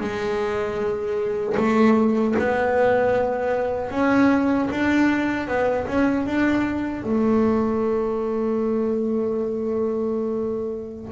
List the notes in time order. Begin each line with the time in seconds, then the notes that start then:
0.00 G#3
1.57 A3
2.39 B3
3.91 C#4
4.71 D4
5.48 B3
5.87 C#4
6.26 D4
7.04 A3